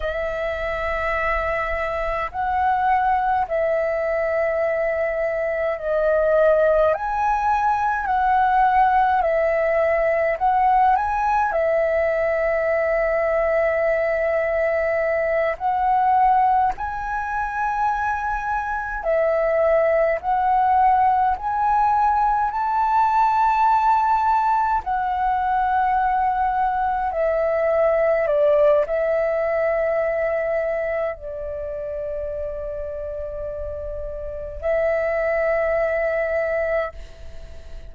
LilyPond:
\new Staff \with { instrumentName = "flute" } { \time 4/4 \tempo 4 = 52 e''2 fis''4 e''4~ | e''4 dis''4 gis''4 fis''4 | e''4 fis''8 gis''8 e''2~ | e''4. fis''4 gis''4.~ |
gis''8 e''4 fis''4 gis''4 a''8~ | a''4. fis''2 e''8~ | e''8 d''8 e''2 d''4~ | d''2 e''2 | }